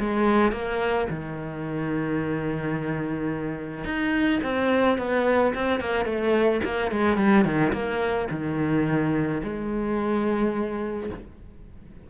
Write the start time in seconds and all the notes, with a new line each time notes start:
0.00 G#3
0.53 A#3
1.10 D#3
3.85 D#4
4.44 C4
4.98 B3
5.55 C4
5.81 A#3
6.06 A3
6.65 A#3
6.91 G#3
7.17 G3
7.45 D#3
7.73 A#3
8.31 D#3
9.44 G#3